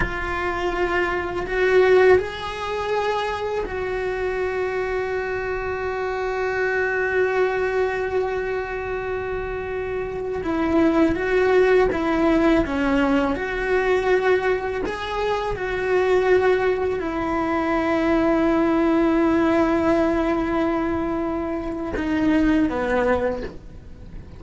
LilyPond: \new Staff \with { instrumentName = "cello" } { \time 4/4 \tempo 4 = 82 f'2 fis'4 gis'4~ | gis'4 fis'2.~ | fis'1~ | fis'2~ fis'16 e'4 fis'8.~ |
fis'16 e'4 cis'4 fis'4.~ fis'16~ | fis'16 gis'4 fis'2 e'8.~ | e'1~ | e'2 dis'4 b4 | }